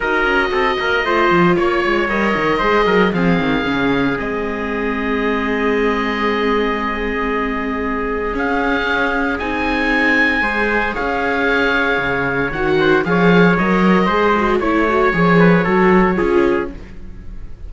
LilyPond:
<<
  \new Staff \with { instrumentName = "oboe" } { \time 4/4 \tempo 4 = 115 dis''2. cis''4 | dis''2 f''2 | dis''1~ | dis''1 |
f''2 gis''2~ | gis''4 f''2. | fis''4 f''4 dis''2 | cis''1 | }
  \new Staff \with { instrumentName = "trumpet" } { \time 4/4 ais'4 a'8 ais'8 c''4 cis''4~ | cis''4 c''8 ais'8 gis'2~ | gis'1~ | gis'1~ |
gis'1 | c''4 cis''2.~ | cis''8 c''8 cis''2 c''4 | cis''4. b'8 a'4 gis'4 | }
  \new Staff \with { instrumentName = "viola" } { \time 4/4 fis'2 f'2 | ais'4 gis'4 c'4 cis'4 | c'1~ | c'1 |
cis'2 dis'2 | gis'1 | fis'4 gis'4 ais'4 gis'8 fis'8 | e'8 fis'8 gis'4 fis'4 f'4 | }
  \new Staff \with { instrumentName = "cello" } { \time 4/4 dis'8 cis'8 c'8 ais8 a8 f8 ais8 gis8 | g8 dis8 gis8 fis8 f8 dis8 cis4 | gis1~ | gis1 |
cis'2 c'2 | gis4 cis'2 cis4 | dis4 f4 fis4 gis4 | a4 f4 fis4 cis'4 | }
>>